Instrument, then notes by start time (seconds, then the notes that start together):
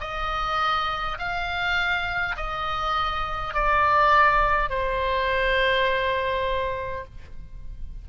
oboe
0.00 D#5
1.18 F5
2.36 D#5
3.54 D5
4.70 C5